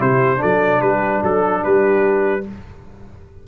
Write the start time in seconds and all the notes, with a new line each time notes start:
0.00 C3 E4 G4 C5
0.37 D4 A4 D5
0.44 F#3
0.82 G3 G4 B4
1.23 F#3 A4
1.64 G3 G4 B4